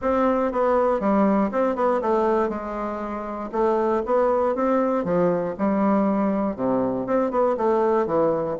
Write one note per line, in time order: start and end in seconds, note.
0.01 0.52 C4
0.52 0.99 B3
0.99 1.50 G3
1.51 1.75 C4
1.75 2.01 B3
2.01 2.49 A3
2.49 3.50 G#3
3.52 4.02 A3
4.05 4.55 B3
4.55 5.04 C4
5.04 5.54 F3
5.58 6.55 G3
6.55 7.06 C3
7.06 7.30 C4
7.30 7.56 B3
7.57 8.06 A3
8.06 8.56 E3